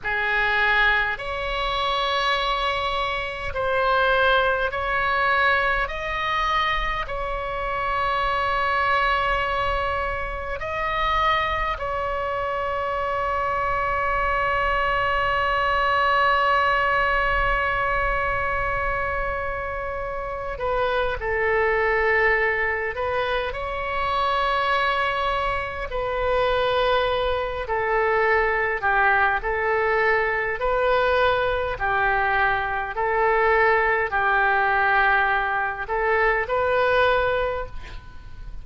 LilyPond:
\new Staff \with { instrumentName = "oboe" } { \time 4/4 \tempo 4 = 51 gis'4 cis''2 c''4 | cis''4 dis''4 cis''2~ | cis''4 dis''4 cis''2~ | cis''1~ |
cis''4. b'8 a'4. b'8 | cis''2 b'4. a'8~ | a'8 g'8 a'4 b'4 g'4 | a'4 g'4. a'8 b'4 | }